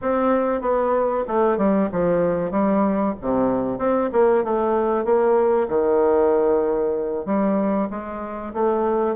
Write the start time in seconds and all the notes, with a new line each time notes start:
0.01 C4
0.61 B3
1.27 A3
1.57 G3
1.91 F3
2.51 G3
3.21 C3
3.78 C4
4.12 A#3
4.44 A3
5.04 A#3
5.68 D#3
7.25 G3
7.90 G#3
8.53 A3